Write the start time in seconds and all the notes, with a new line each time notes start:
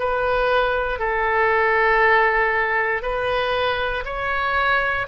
0.00 B4
0.99 A4
3.02 B4
4.05 C#5